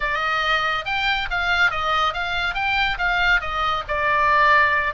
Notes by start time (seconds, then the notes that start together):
0.00 D#5
0.85 G5
1.30 F5
1.70 D#5
2.13 F5
2.54 G5
2.98 F5
3.40 D#5
3.88 D5